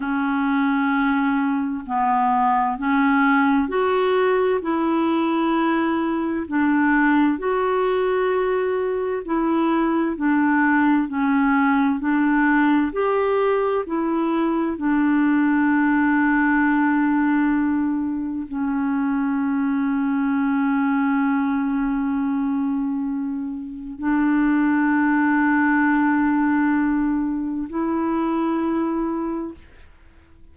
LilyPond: \new Staff \with { instrumentName = "clarinet" } { \time 4/4 \tempo 4 = 65 cis'2 b4 cis'4 | fis'4 e'2 d'4 | fis'2 e'4 d'4 | cis'4 d'4 g'4 e'4 |
d'1 | cis'1~ | cis'2 d'2~ | d'2 e'2 | }